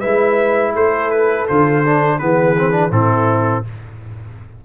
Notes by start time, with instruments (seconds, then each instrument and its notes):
0.00 tuba G#3, trombone E4, horn B4, trumpet E5
0.75 tuba A3, horn A4, trumpet C5
1.11 trumpet B4
1.48 tuba D3, trombone F4, trumpet C5
1.85 trombone D4
2.19 tuba E3, trombone B3, horn G#4, trumpet B4
2.58 trombone C4
2.72 trombone D4
2.91 tuba A2, trombone C4, horn E4, trumpet A4